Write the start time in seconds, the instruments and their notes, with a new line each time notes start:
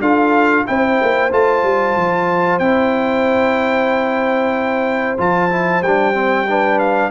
0.00 tuba D4, trombone F4, horn A4, trumpet F5
0.66 tuba C4, trombone E4, horn C5, trumpet G5
1.02 tuba A#3
1.32 tuba A3, trombone F4, trumpet A5
1.63 tuba G3
1.96 tuba F3
2.59 tuba C4, trombone E4, trumpet G5
5.17 tuba F3, trombone F4, trumpet A5
5.50 trombone E4
5.81 tuba G3, trombone D4, trumpet G5
6.14 trombone C4
6.48 trombone D4, horn B4
6.79 trumpet F5